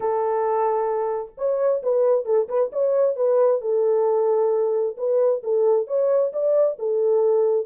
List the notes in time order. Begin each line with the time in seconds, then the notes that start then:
0.00 A4
1.37 C#5
1.83 B4
2.25 A4
2.48 B4
2.72 C#5
3.16 B4
3.61 A4
4.97 B4
5.43 A4
5.87 C#5
6.32 D5
6.79 A4